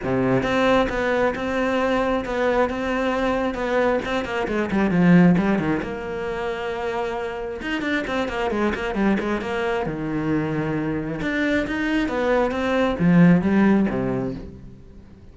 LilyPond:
\new Staff \with { instrumentName = "cello" } { \time 4/4 \tempo 4 = 134 c4 c'4 b4 c'4~ | c'4 b4 c'2 | b4 c'8 ais8 gis8 g8 f4 | g8 dis8 ais2.~ |
ais4 dis'8 d'8 c'8 ais8 gis8 ais8 | g8 gis8 ais4 dis2~ | dis4 d'4 dis'4 b4 | c'4 f4 g4 c4 | }